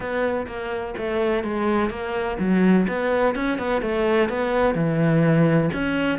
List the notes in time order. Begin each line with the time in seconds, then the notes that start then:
0.00 B3
0.46 A#3
0.97 A3
1.43 G#3
1.90 A#3
2.39 F#3
2.87 B3
3.35 C#4
3.58 B3
3.81 A3
4.29 B3
4.74 E3
5.73 C#4